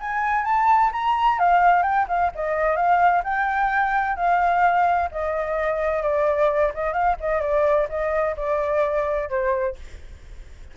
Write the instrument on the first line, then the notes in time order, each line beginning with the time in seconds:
flute
0.00 G#5
0.44 A5
0.92 A#5
1.38 F5
1.82 G5
2.08 F5
2.35 D#5
2.76 F5
3.23 G5
4.16 F5
5.11 D#5
6.02 D5
6.74 D#5
6.93 F5
7.20 D#5
7.41 D5
7.89 D#5
8.36 D5
9.29 C5